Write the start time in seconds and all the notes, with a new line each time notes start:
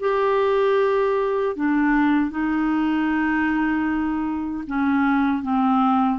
0.00 G4
1.56 D4
2.31 D#4
4.67 C#4
5.43 C4